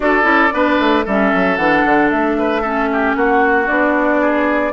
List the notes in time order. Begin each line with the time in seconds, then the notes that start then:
0.00 D4 F#4 A4 D5
0.23 C#4 E4
0.52 B3 D4 B4
0.79 A3
1.05 G3 C#4 A4 E5
1.34 F#3
1.56 E3 D4 F#5
1.85 D3
2.09 A3 E5
2.38 B4
2.61 C#4 A4
2.92 G4
3.15 A#3 F#4 F#5
3.67 B3 D4 D5
4.21 G#4